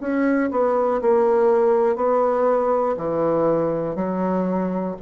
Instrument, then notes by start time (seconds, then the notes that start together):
bassoon
0.00 C#4
0.51 B3
1.01 A#3
1.96 B3
2.97 E3
3.95 F#3